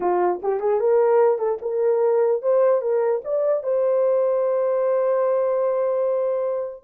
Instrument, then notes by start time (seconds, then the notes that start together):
horn
0.00 F4
0.42 G4
0.60 G#4
0.80 A#4
1.38 A4
1.61 A#4
2.42 C5
2.81 A#4
3.24 D5
3.63 C5